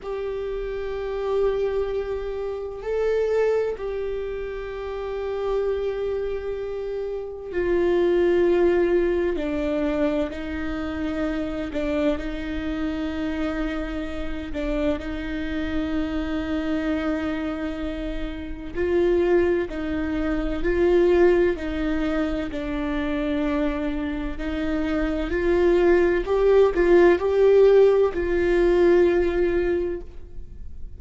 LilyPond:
\new Staff \with { instrumentName = "viola" } { \time 4/4 \tempo 4 = 64 g'2. a'4 | g'1 | f'2 d'4 dis'4~ | dis'8 d'8 dis'2~ dis'8 d'8 |
dis'1 | f'4 dis'4 f'4 dis'4 | d'2 dis'4 f'4 | g'8 f'8 g'4 f'2 | }